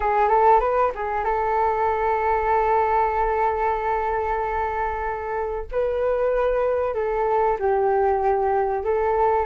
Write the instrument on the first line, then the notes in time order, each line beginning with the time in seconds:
flute
0.00 G#4
0.28 A4
0.60 B4
0.94 G#4
1.24 A4
5.71 B4
6.94 A4
7.59 G4
8.83 A4